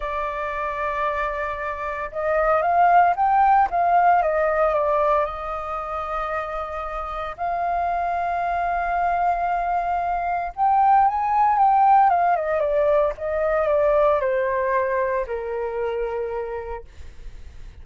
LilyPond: \new Staff \with { instrumentName = "flute" } { \time 4/4 \tempo 4 = 114 d''1 | dis''4 f''4 g''4 f''4 | dis''4 d''4 dis''2~ | dis''2 f''2~ |
f''1 | g''4 gis''4 g''4 f''8 dis''8 | d''4 dis''4 d''4 c''4~ | c''4 ais'2. | }